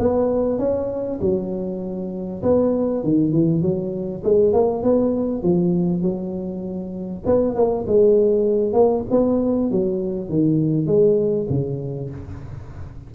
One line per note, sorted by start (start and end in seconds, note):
0.00 0.59 B3
0.59 1.20 C#4
1.21 2.43 F#3
2.43 3.04 B3
3.04 3.33 D#3
3.33 3.62 E3
3.62 4.23 F#3
4.25 4.53 G#3
4.53 4.84 A#3
4.84 5.43 B3
5.43 6.03 F3
6.03 7.24 F#3
7.26 7.55 B3
7.55 7.86 A#3
7.88 8.74 G#3
8.74 9.04 A#3
9.11 9.72 B3
9.72 10.29 F#3
10.29 10.87 D#3
10.87 11.48 G#3
11.50 12.11 C#3